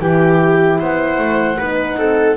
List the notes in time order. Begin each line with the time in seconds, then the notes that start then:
0.00 E3 E4 G4 G5
0.79 B3 C5 F#5
1.18 A3
1.58 B3 D#4 B4
1.97 C4 A4